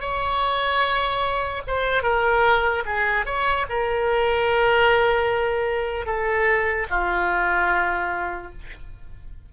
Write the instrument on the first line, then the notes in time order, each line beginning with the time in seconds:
oboe
0.00 C#5
1.67 C5
2.02 A#4
2.86 G#4
3.25 C#5
3.69 A#4
6.06 A4
6.90 F4